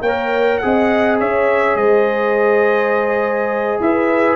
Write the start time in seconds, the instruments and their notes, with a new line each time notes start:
0.00 tuba A#3, horn C#5, trumpet G5
0.07 trombone A#4
0.58 tuba C4, trombone G#4, trumpet F#5
0.64 horn D#5
1.20 tuba C#4, horn C#5, trumpet E5
1.75 tuba G#3, horn C5, trumpet D#5
3.80 tuba E4, horn B4, trumpet E5